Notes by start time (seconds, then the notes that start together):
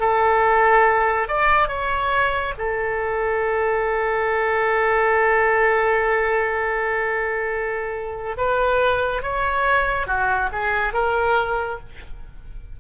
0.00 A4
1.28 D5
1.68 C#5
2.58 A4
8.37 B4
9.23 C#5
10.07 F#4
10.52 G#4
10.94 A#4